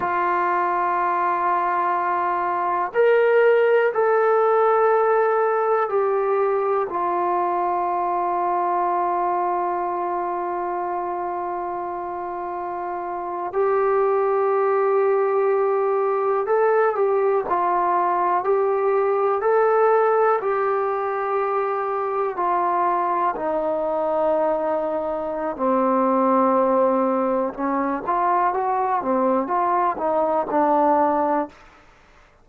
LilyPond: \new Staff \with { instrumentName = "trombone" } { \time 4/4 \tempo 4 = 61 f'2. ais'4 | a'2 g'4 f'4~ | f'1~ | f'4.~ f'16 g'2~ g'16~ |
g'8. a'8 g'8 f'4 g'4 a'16~ | a'8. g'2 f'4 dis'16~ | dis'2 c'2 | cis'8 f'8 fis'8 c'8 f'8 dis'8 d'4 | }